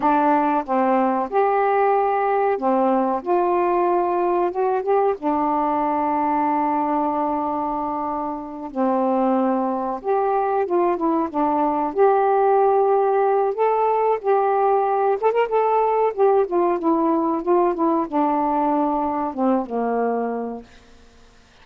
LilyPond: \new Staff \with { instrumentName = "saxophone" } { \time 4/4 \tempo 4 = 93 d'4 c'4 g'2 | c'4 f'2 fis'8 g'8 | d'1~ | d'4. c'2 g'8~ |
g'8 f'8 e'8 d'4 g'4.~ | g'4 a'4 g'4. a'16 ais'16 | a'4 g'8 f'8 e'4 f'8 e'8 | d'2 c'8 ais4. | }